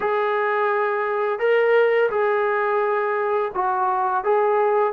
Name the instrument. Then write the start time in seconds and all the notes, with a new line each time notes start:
trombone
0.00 G#4
1.39 A#4
2.10 G#4
3.54 F#4
4.24 G#4